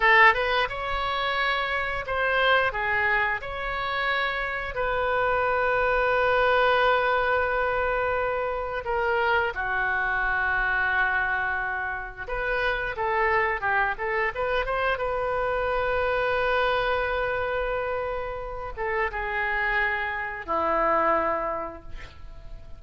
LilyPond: \new Staff \with { instrumentName = "oboe" } { \time 4/4 \tempo 4 = 88 a'8 b'8 cis''2 c''4 | gis'4 cis''2 b'4~ | b'1~ | b'4 ais'4 fis'2~ |
fis'2 b'4 a'4 | g'8 a'8 b'8 c''8 b'2~ | b'2.~ b'8 a'8 | gis'2 e'2 | }